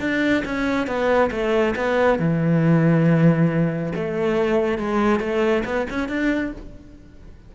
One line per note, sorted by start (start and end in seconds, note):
0.00 0.43 D4
0.46 0.87 C#4
0.87 1.31 B3
1.31 1.75 A3
1.76 2.19 B3
2.19 3.93 E3
3.96 4.79 A3
4.79 5.20 G#3
5.20 5.64 A3
5.66 5.87 B3
5.90 6.09 C#4
6.09 6.53 D4